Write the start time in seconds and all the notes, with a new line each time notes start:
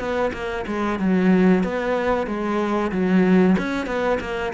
0.00 B3
0.33 A#3
0.67 G#3
1.00 F#3
1.64 B3
2.27 G#3
2.92 F#3
3.58 C#4
3.87 B3
4.21 A#3